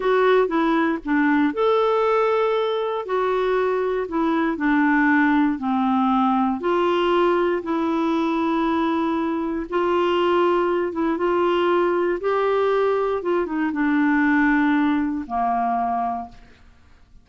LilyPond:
\new Staff \with { instrumentName = "clarinet" } { \time 4/4 \tempo 4 = 118 fis'4 e'4 d'4 a'4~ | a'2 fis'2 | e'4 d'2 c'4~ | c'4 f'2 e'4~ |
e'2. f'4~ | f'4. e'8 f'2 | g'2 f'8 dis'8 d'4~ | d'2 ais2 | }